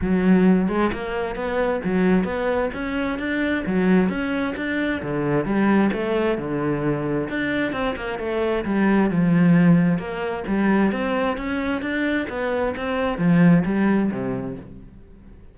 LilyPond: \new Staff \with { instrumentName = "cello" } { \time 4/4 \tempo 4 = 132 fis4. gis8 ais4 b4 | fis4 b4 cis'4 d'4 | fis4 cis'4 d'4 d4 | g4 a4 d2 |
d'4 c'8 ais8 a4 g4 | f2 ais4 g4 | c'4 cis'4 d'4 b4 | c'4 f4 g4 c4 | }